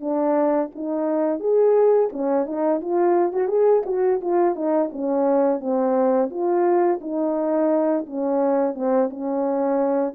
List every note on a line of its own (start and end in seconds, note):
0.00 0.70 D4
0.75 1.40 D#4
1.40 2.09 G#4
2.12 2.45 C#4
2.45 2.80 D#4
2.81 3.33 F4
3.33 3.48 F#4
3.48 3.83 G#4
3.86 4.21 F#4
4.21 4.55 F4
4.55 4.90 D#4
4.92 5.60 C#4
5.60 6.30 C4
6.30 7.00 F4
7.01 8.06 D#4
8.06 8.74 C#4
8.74 9.09 C4
9.10 10.14 C#4